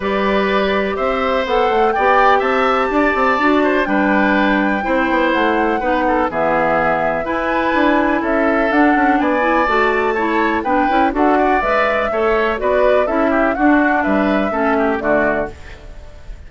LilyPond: <<
  \new Staff \with { instrumentName = "flute" } { \time 4/4 \tempo 4 = 124 d''2 e''4 fis''4 | g''4 a''2. | g''2. fis''4~ | fis''4 e''2 gis''4~ |
gis''4 e''4 fis''4 gis''4 | a''2 g''4 fis''4 | e''2 d''4 e''4 | fis''4 e''2 d''4 | }
  \new Staff \with { instrumentName = "oboe" } { \time 4/4 b'2 c''2 | d''4 e''4 d''4. c''8 | b'2 c''2 | b'8 a'8 gis'2 b'4~ |
b'4 a'2 d''4~ | d''4 cis''4 b'4 a'8 d''8~ | d''4 cis''4 b'4 a'8 g'8 | fis'4 b'4 a'8 g'8 fis'4 | }
  \new Staff \with { instrumentName = "clarinet" } { \time 4/4 g'2. a'4 | g'2. fis'4 | d'2 e'2 | dis'4 b2 e'4~ |
e'2 d'4. e'8 | fis'4 e'4 d'8 e'8 fis'4 | b'4 a'4 fis'4 e'4 | d'2 cis'4 a4 | }
  \new Staff \with { instrumentName = "bassoon" } { \time 4/4 g2 c'4 b8 a8 | b4 c'4 d'8 c'8 d'4 | g2 c'8 b8 a4 | b4 e2 e'4 |
d'4 cis'4 d'8 cis'8 b4 | a2 b8 cis'8 d'4 | gis4 a4 b4 cis'4 | d'4 g4 a4 d4 | }
>>